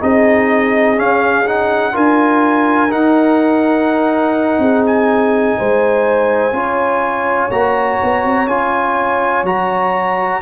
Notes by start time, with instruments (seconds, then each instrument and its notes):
0.00 tuba C4, trombone D#4, horn G#4, trumpet D#5
0.96 trombone C#4, tuba C#4, trumpet F5
1.45 trombone D#4, trumpet F#5
1.92 tuba D4, trombone F4, horn A#4, trumpet G#5
2.90 trombone D#4, tuba D#4, trumpet F#5
4.58 tuba C4, horn G#4
4.86 trumpet G#5
5.58 tuba G#3, horn C5
6.52 tuba C#4, trombone F4, horn C#5
7.50 tuba A#3, trombone F#4, trumpet A#5
8.03 tuba B3
8.24 tuba C4
8.47 tuba C#4, trombone F4, trumpet G#5
9.43 tuba F#3, trombone F#4, trumpet A#5